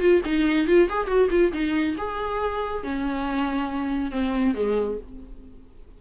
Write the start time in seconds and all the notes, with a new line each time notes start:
0.00 F4
0.25 D#4
0.67 F4
0.89 G#4
1.07 F#4
1.30 F4
1.53 D#4
1.97 G#4
2.84 C#4
4.11 C4
4.54 G#3